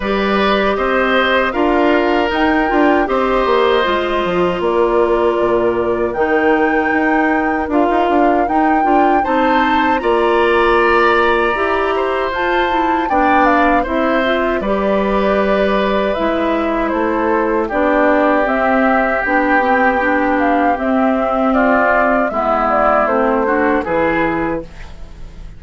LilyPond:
<<
  \new Staff \with { instrumentName = "flute" } { \time 4/4 \tempo 4 = 78 d''4 dis''4 f''4 g''4 | dis''2 d''2 | g''2 f''4 g''4 | a''4 ais''2. |
a''4 g''8 f''8 e''4 d''4~ | d''4 e''4 c''4 d''4 | e''4 g''4. f''8 e''4 | d''4 e''8 d''8 c''4 b'4 | }
  \new Staff \with { instrumentName = "oboe" } { \time 4/4 b'4 c''4 ais'2 | c''2 ais'2~ | ais'1 | c''4 d''2~ d''8 c''8~ |
c''4 d''4 c''4 b'4~ | b'2 a'4 g'4~ | g'1 | f'4 e'4. fis'8 gis'4 | }
  \new Staff \with { instrumentName = "clarinet" } { \time 4/4 g'2 f'4 dis'8 f'8 | g'4 f'2. | dis'2 f'4 dis'8 f'8 | dis'4 f'2 g'4 |
f'8 e'8 d'4 e'8 f'8 g'4~ | g'4 e'2 d'4 | c'4 d'8 c'8 d'4 c'4~ | c'4 b4 c'8 d'8 e'4 | }
  \new Staff \with { instrumentName = "bassoon" } { \time 4/4 g4 c'4 d'4 dis'8 d'8 | c'8 ais8 gis8 f8 ais4 ais,4 | dis4 dis'4 d'16 dis'16 d'8 dis'8 d'8 | c'4 ais2 e'4 |
f'4 b4 c'4 g4~ | g4 gis4 a4 b4 | c'4 b2 c'4~ | c'4 gis4 a4 e4 | }
>>